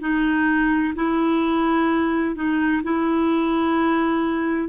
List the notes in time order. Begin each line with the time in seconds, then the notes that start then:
0.00 D#4
0.95 E4
2.35 D#4
2.83 E4